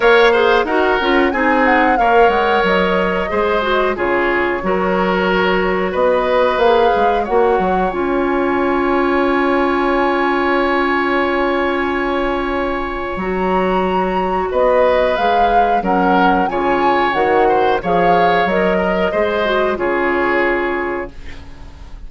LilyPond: <<
  \new Staff \with { instrumentName = "flute" } { \time 4/4 \tempo 4 = 91 f''4 fis''4 gis''8 fis''8 f''8 fis''8 | dis''2 cis''2~ | cis''4 dis''4 f''4 fis''4 | gis''1~ |
gis''1 | ais''2 dis''4 f''4 | fis''4 gis''4 fis''4 f''4 | dis''2 cis''2 | }
  \new Staff \with { instrumentName = "oboe" } { \time 4/4 cis''8 c''8 ais'4 gis'4 cis''4~ | cis''4 c''4 gis'4 ais'4~ | ais'4 b'2 cis''4~ | cis''1~ |
cis''1~ | cis''2 b'2 | ais'4 cis''4. c''8 cis''4~ | cis''8 ais'8 c''4 gis'2 | }
  \new Staff \with { instrumentName = "clarinet" } { \time 4/4 ais'8 gis'8 fis'8 f'8 dis'4 ais'4~ | ais'4 gis'8 fis'8 f'4 fis'4~ | fis'2 gis'4 fis'4 | f'1~ |
f'1 | fis'2. gis'4 | cis'4 f'4 fis'4 gis'4 | ais'4 gis'8 fis'8 f'2 | }
  \new Staff \with { instrumentName = "bassoon" } { \time 4/4 ais4 dis'8 cis'8 c'4 ais8 gis8 | fis4 gis4 cis4 fis4~ | fis4 b4 ais8 gis8 ais8 fis8 | cis'1~ |
cis'1 | fis2 b4 gis4 | fis4 cis4 dis4 f4 | fis4 gis4 cis2 | }
>>